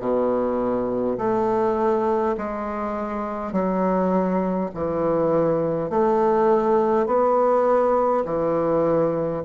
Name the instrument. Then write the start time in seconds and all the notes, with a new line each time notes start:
bassoon
0.00 B2
1.18 A3
2.37 G#3
3.52 F#3
4.74 E3
5.90 A3
7.06 B3
8.25 E3